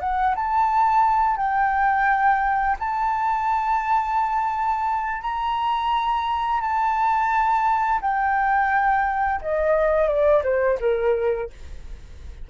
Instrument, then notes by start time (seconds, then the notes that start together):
flute
0.00 F#5
0.35 A5
1.37 G5
2.79 A5
5.22 A#5
6.61 A5
8.01 G5
9.42 D#5
10.08 D5
10.44 C5
10.80 A#4